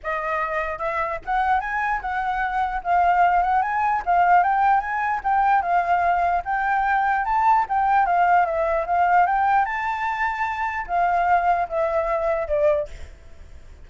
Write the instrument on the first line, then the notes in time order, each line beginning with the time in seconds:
flute
0.03 D#5
0.78 E5
1.25 F#5
1.60 G#5
2.01 F#5
2.83 F5
3.42 F#5
3.61 G#5
4.05 F5
4.43 G5
4.80 G#5
5.23 G5
5.62 F5
6.44 G5
7.25 A5
7.68 G5
8.06 F5
8.45 E5
8.86 F5
9.26 G5
9.65 A5
10.87 F5
11.68 E5
12.47 D5